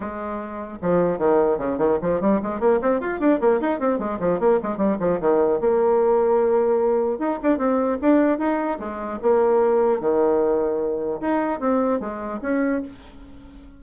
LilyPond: \new Staff \with { instrumentName = "bassoon" } { \time 4/4 \tempo 4 = 150 gis2 f4 dis4 | cis8 dis8 f8 g8 gis8 ais8 c'8 f'8 | d'8 ais8 dis'8 c'8 gis8 f8 ais8 gis8 | g8 f8 dis4 ais2~ |
ais2 dis'8 d'8 c'4 | d'4 dis'4 gis4 ais4~ | ais4 dis2. | dis'4 c'4 gis4 cis'4 | }